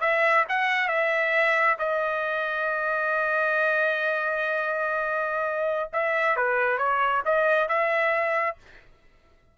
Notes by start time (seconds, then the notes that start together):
0.00 E5
0.48 F#5
0.88 E5
1.79 D#5
5.93 E5
6.36 B4
6.78 C#5
7.25 D#5
7.68 E5